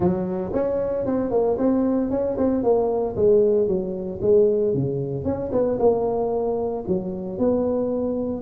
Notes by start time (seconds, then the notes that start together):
0.00 F#3
0.53 C#4
1.06 C4
1.30 A#3
1.58 C4
2.10 C#4
2.37 C4
2.63 A#3
3.16 G#3
3.67 F#3
4.21 G#3
4.74 C#3
5.24 C#4
5.52 B3
5.79 A#3
6.87 F#3
7.38 B3